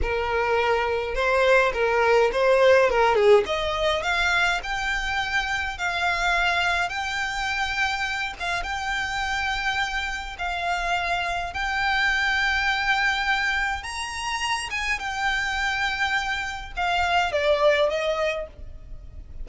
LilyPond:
\new Staff \with { instrumentName = "violin" } { \time 4/4 \tempo 4 = 104 ais'2 c''4 ais'4 | c''4 ais'8 gis'8 dis''4 f''4 | g''2 f''2 | g''2~ g''8 f''8 g''4~ |
g''2 f''2 | g''1 | ais''4. gis''8 g''2~ | g''4 f''4 d''4 dis''4 | }